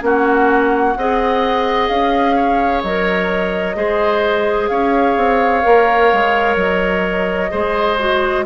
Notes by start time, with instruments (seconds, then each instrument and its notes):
0.00 bassoon A#3, clarinet C#4, oboe F#4, flute F#5
0.96 bassoon C4, clarinet G#4, oboe D#5
1.88 bassoon C#4, flute F5
2.35 oboe C#5
2.82 bassoon F#3, clarinet A#4, flute D#5
3.75 bassoon G#3, clarinet G#4, oboe C5
4.67 bassoon C#4, oboe C#5, flute F5
5.16 bassoon C4
5.61 bassoon A#3, clarinet A#4
6.12 bassoon G#3
6.55 bassoon F#3, flute D#5
7.50 bassoon G#3, clarinet G#4, oboe C5
7.99 clarinet F#4